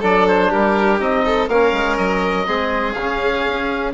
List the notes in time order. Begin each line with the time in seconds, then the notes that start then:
0.00 F#3 D4 A4 D5
0.27 C5
0.49 G3 G4 A#4
0.99 C4 D#4 D#5
1.25 A4
1.48 A#3 C#4 A#4 F5
1.72 G#3
1.97 F#3 D#5
2.46 G#3 C4 G#4
2.93 C#3 C#4 F5
3.46 C#4